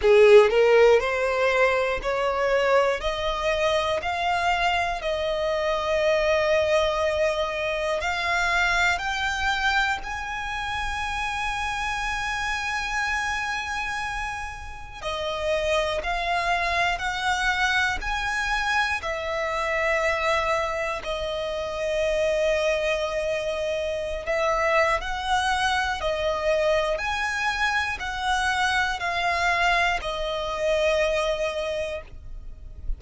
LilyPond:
\new Staff \with { instrumentName = "violin" } { \time 4/4 \tempo 4 = 60 gis'8 ais'8 c''4 cis''4 dis''4 | f''4 dis''2. | f''4 g''4 gis''2~ | gis''2. dis''4 |
f''4 fis''4 gis''4 e''4~ | e''4 dis''2.~ | dis''16 e''8. fis''4 dis''4 gis''4 | fis''4 f''4 dis''2 | }